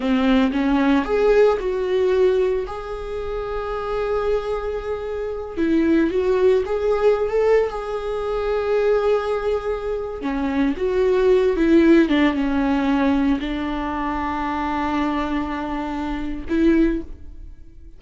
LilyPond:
\new Staff \with { instrumentName = "viola" } { \time 4/4 \tempo 4 = 113 c'4 cis'4 gis'4 fis'4~ | fis'4 gis'2.~ | gis'2~ gis'8 e'4 fis'8~ | fis'8 gis'4~ gis'16 a'8. gis'4.~ |
gis'2.~ gis'16 cis'8.~ | cis'16 fis'4. e'4 d'8 cis'8.~ | cis'4~ cis'16 d'2~ d'8.~ | d'2. e'4 | }